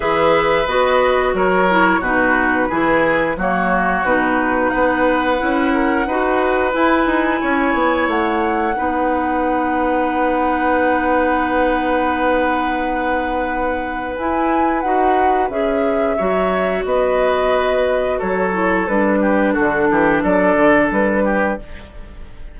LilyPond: <<
  \new Staff \with { instrumentName = "flute" } { \time 4/4 \tempo 4 = 89 e''4 dis''4 cis''4 b'4~ | b'4 cis''4 b'4 fis''4~ | fis''2 gis''2 | fis''1~ |
fis''1~ | fis''4 gis''4 fis''4 e''4~ | e''4 dis''2 cis''4 | b'4 a'4 d''4 b'4 | }
  \new Staff \with { instrumentName = "oboe" } { \time 4/4 b'2 ais'4 fis'4 | gis'4 fis'2 b'4~ | b'8 ais'8 b'2 cis''4~ | cis''4 b'2.~ |
b'1~ | b'1 | cis''4 b'2 a'4~ | a'8 g'8 fis'8 g'8 a'4. g'8 | }
  \new Staff \with { instrumentName = "clarinet" } { \time 4/4 gis'4 fis'4. e'8 dis'4 | e'4 ais4 dis'2 | e'4 fis'4 e'2~ | e'4 dis'2.~ |
dis'1~ | dis'4 e'4 fis'4 gis'4 | fis'2.~ fis'8 e'8 | d'1 | }
  \new Staff \with { instrumentName = "bassoon" } { \time 4/4 e4 b4 fis4 b,4 | e4 fis4 b,4 b4 | cis'4 dis'4 e'8 dis'8 cis'8 b8 | a4 b2.~ |
b1~ | b4 e'4 dis'4 cis'4 | fis4 b2 fis4 | g4 d8 e8 fis8 d8 g4 | }
>>